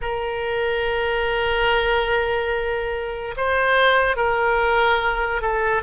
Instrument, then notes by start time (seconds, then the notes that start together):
oboe
0.01 A#4
3.36 C5
4.16 A#4
5.41 A4